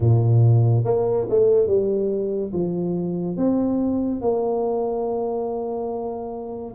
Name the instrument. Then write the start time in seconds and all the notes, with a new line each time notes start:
tuba
0.00 A#2
0.84 A#3
1.29 A3
1.67 G3
2.52 F3
3.36 C4
4.21 A#3